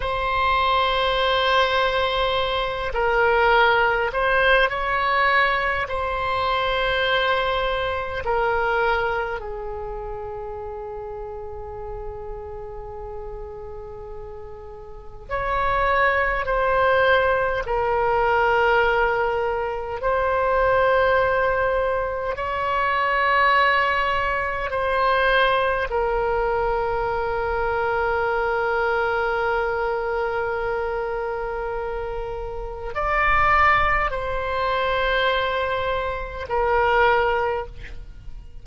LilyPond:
\new Staff \with { instrumentName = "oboe" } { \time 4/4 \tempo 4 = 51 c''2~ c''8 ais'4 c''8 | cis''4 c''2 ais'4 | gis'1~ | gis'4 cis''4 c''4 ais'4~ |
ais'4 c''2 cis''4~ | cis''4 c''4 ais'2~ | ais'1 | d''4 c''2 ais'4 | }